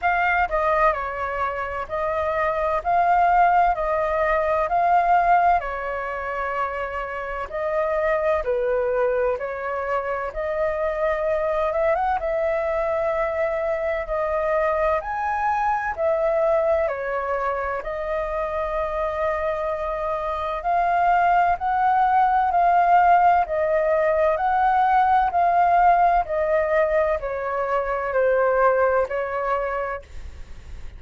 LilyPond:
\new Staff \with { instrumentName = "flute" } { \time 4/4 \tempo 4 = 64 f''8 dis''8 cis''4 dis''4 f''4 | dis''4 f''4 cis''2 | dis''4 b'4 cis''4 dis''4~ | dis''8 e''16 fis''16 e''2 dis''4 |
gis''4 e''4 cis''4 dis''4~ | dis''2 f''4 fis''4 | f''4 dis''4 fis''4 f''4 | dis''4 cis''4 c''4 cis''4 | }